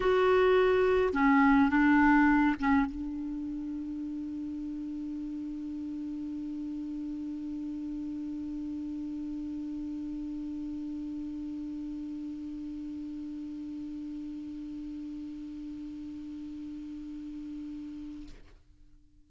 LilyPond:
\new Staff \with { instrumentName = "clarinet" } { \time 4/4 \tempo 4 = 105 fis'2 cis'4 d'4~ | d'8 cis'8 d'2.~ | d'1~ | d'1~ |
d'1~ | d'1~ | d'1~ | d'1 | }